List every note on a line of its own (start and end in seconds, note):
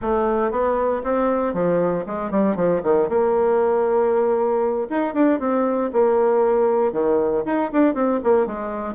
0.01 0.51 A3
0.51 1.02 B3
1.03 1.53 C4
1.53 2.04 F3
2.06 2.31 G#3
2.31 2.56 G3
2.56 2.81 F3
2.83 3.08 D#3
3.08 4.88 A#3
4.89 5.14 D#4
5.14 5.39 D4
5.39 5.90 C4
5.92 6.92 A#3
6.92 7.43 D#3
7.45 7.70 D#4
7.72 7.94 D4
7.94 8.20 C4
8.23 8.46 A#3
8.46 8.94 G#3